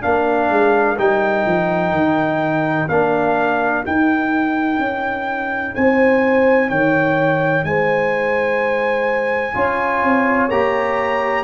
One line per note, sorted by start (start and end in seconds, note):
0.00 0.49 A#3
0.00 0.97 D4
0.00 5.71 A#4
0.00 0.97 F5
0.49 0.97 G#3
0.98 1.45 G3
0.98 2.88 D#4
0.98 2.89 G5
1.46 1.92 F3
1.92 2.87 D#3
2.89 3.84 A#3
2.89 3.84 D4
2.89 3.84 F5
3.84 9.54 D#4
3.84 4.79 D#4
3.84 5.75 G5
4.79 5.74 C#4
5.75 6.71 C4
5.75 6.69 C5
5.75 6.69 G#5
6.69 7.64 D#3
6.69 7.64 C#5
6.69 7.64 G5
7.64 9.55 G#3
7.64 9.55 C5
7.64 10.50 G#5
9.54 10.03 C#4
9.54 10.49 F4
9.54 11.44 C#5
10.03 10.51 C4
10.50 11.44 A#3
10.50 11.44 G4
10.50 11.44 A#5